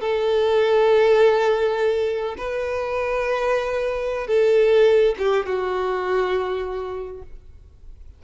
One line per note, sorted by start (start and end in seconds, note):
0.00 2.35 A4
2.37 4.27 B4
4.27 5.15 A4
5.18 5.46 G4
5.46 7.22 F#4